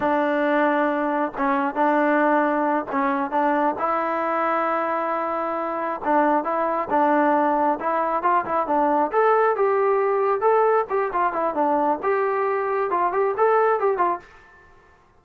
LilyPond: \new Staff \with { instrumentName = "trombone" } { \time 4/4 \tempo 4 = 135 d'2. cis'4 | d'2~ d'8 cis'4 d'8~ | d'8 e'2.~ e'8~ | e'4. d'4 e'4 d'8~ |
d'4. e'4 f'8 e'8 d'8~ | d'8 a'4 g'2 a'8~ | a'8 g'8 f'8 e'8 d'4 g'4~ | g'4 f'8 g'8 a'4 g'8 f'8 | }